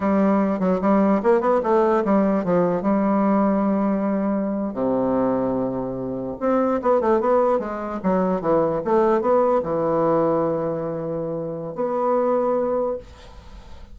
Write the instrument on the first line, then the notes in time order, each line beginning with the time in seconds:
bassoon
0.00 G3
0.59 F#3
0.81 G3
1.23 A#3
1.40 B3
1.63 A3
2.04 G3
2.44 F3
2.82 G3
4.73 C3
6.40 C4
6.82 B3
7.01 A3
7.20 B3
7.59 G#3
8.03 F#3
8.41 E3
8.84 A3
9.21 B3
9.63 E3
11.75 B3